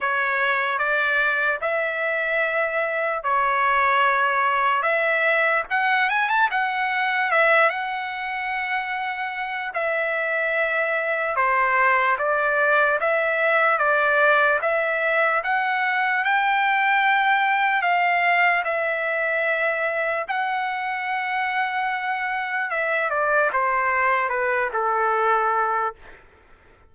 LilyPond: \new Staff \with { instrumentName = "trumpet" } { \time 4/4 \tempo 4 = 74 cis''4 d''4 e''2 | cis''2 e''4 fis''8 gis''16 a''16 | fis''4 e''8 fis''2~ fis''8 | e''2 c''4 d''4 |
e''4 d''4 e''4 fis''4 | g''2 f''4 e''4~ | e''4 fis''2. | e''8 d''8 c''4 b'8 a'4. | }